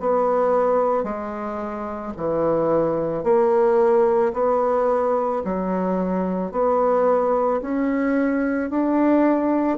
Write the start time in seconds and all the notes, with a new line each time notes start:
0.00 B3
1.04 G#3
2.17 E3
3.23 A#3
4.33 B3
5.44 F#3
6.52 B3
7.61 C#4
8.70 D4